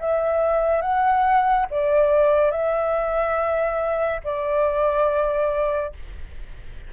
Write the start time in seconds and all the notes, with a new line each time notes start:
0.00 E5
0.81 F#5
1.71 D5
2.52 E5
4.24 D5